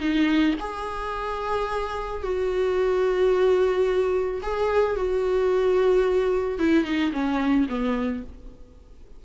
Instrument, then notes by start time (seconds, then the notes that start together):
viola
0.00 D#4
0.60 G#4
2.23 F#4
4.43 G#4
4.96 F#4
6.59 E4
6.84 D#4
7.12 C#4
7.69 B3